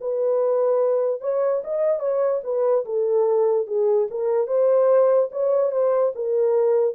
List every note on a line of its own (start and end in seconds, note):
0.00 1.21 B4
1.21 1.62 C#5
1.64 2.00 D#5
2.00 2.41 C#5
2.44 2.85 B4
2.85 3.67 A4
3.67 4.08 G#4
4.10 4.47 A#4
4.47 5.29 C5
5.31 5.71 C#5
5.71 6.12 C5
6.15 6.95 A#4